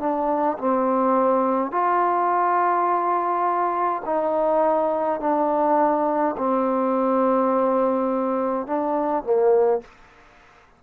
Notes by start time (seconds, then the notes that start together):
0.00 D4
0.59 C4
1.72 F4
4.05 D#4
5.20 D4
6.37 C4
8.66 D4
9.24 A#3